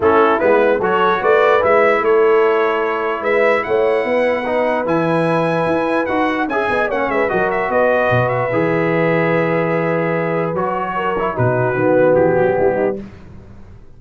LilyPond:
<<
  \new Staff \with { instrumentName = "trumpet" } { \time 4/4 \tempo 4 = 148 a'4 b'4 cis''4 d''4 | e''4 cis''2. | e''4 fis''2. | gis''2. fis''4 |
gis''4 fis''8 e''8 dis''8 e''8 dis''4~ | dis''8 e''2.~ e''8~ | e''2 cis''2 | b'2 g'2 | }
  \new Staff \with { instrumentName = "horn" } { \time 4/4 e'2 a'4 b'4~ | b'4 a'2. | b'4 cis''4 b'2~ | b'1 |
e''8 dis''8 cis''8 b'8 ais'4 b'4~ | b'1~ | b'2. ais'4 | fis'2. e'8 dis'8 | }
  \new Staff \with { instrumentName = "trombone" } { \time 4/4 cis'4 b4 fis'2 | e'1~ | e'2. dis'4 | e'2. fis'4 |
gis'4 cis'4 fis'2~ | fis'4 gis'2.~ | gis'2 fis'4. e'8 | dis'4 b2. | }
  \new Staff \with { instrumentName = "tuba" } { \time 4/4 a4 gis4 fis4 a4 | gis4 a2. | gis4 a4 b2 | e2 e'4 dis'4 |
cis'8 b8 ais8 gis8 fis4 b4 | b,4 e2.~ | e2 fis2 | b,4 dis4 e8 fis8 g4 | }
>>